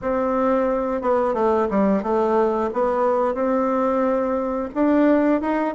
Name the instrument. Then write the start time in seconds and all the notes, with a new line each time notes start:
bassoon
0.01 C4
1.01 B3
1.34 A3
1.70 G3
2.02 A3
2.73 B3
3.34 C4
4.74 D4
5.41 D#4